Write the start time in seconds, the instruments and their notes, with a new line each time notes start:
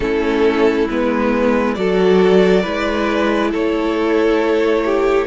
0.00 cello A3, viola C#4, violin E4 A4
0.89 cello G#3, viola B3, violin B4
1.74 cello F#3, viola F#4, violin A4 D5
2.62 cello G#3, viola E4, violin B4
3.51 cello A3, violin A4 C#5
4.85 violin G4